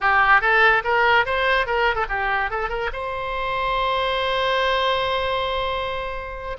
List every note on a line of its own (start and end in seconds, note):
0.00 0.41 G4
0.41 0.83 A4
0.84 1.25 A#4
1.25 1.66 C5
1.66 1.95 A#4
1.95 2.05 A4
2.08 2.50 G4
2.50 2.69 A4
2.69 2.90 A#4
2.92 6.57 C5